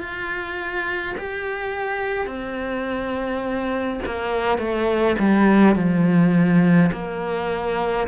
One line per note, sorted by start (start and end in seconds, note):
0.00 1.15 F4
1.18 2.27 G4
2.27 4.00 C4
4.06 4.58 A#3
4.58 5.16 A3
5.19 5.75 G3
5.75 6.91 F3
6.92 8.08 A#3